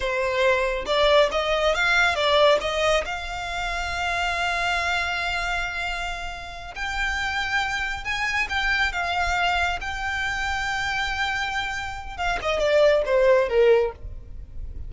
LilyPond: \new Staff \with { instrumentName = "violin" } { \time 4/4 \tempo 4 = 138 c''2 d''4 dis''4 | f''4 d''4 dis''4 f''4~ | f''1~ | f''2.~ f''8 g''8~ |
g''2~ g''8 gis''4 g''8~ | g''8 f''2 g''4.~ | g''1 | f''8 dis''8 d''4 c''4 ais'4 | }